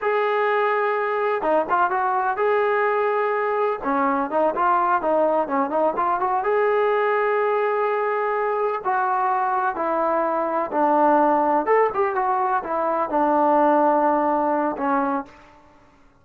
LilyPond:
\new Staff \with { instrumentName = "trombone" } { \time 4/4 \tempo 4 = 126 gis'2. dis'8 f'8 | fis'4 gis'2. | cis'4 dis'8 f'4 dis'4 cis'8 | dis'8 f'8 fis'8 gis'2~ gis'8~ |
gis'2~ gis'8 fis'4.~ | fis'8 e'2 d'4.~ | d'8 a'8 g'8 fis'4 e'4 d'8~ | d'2. cis'4 | }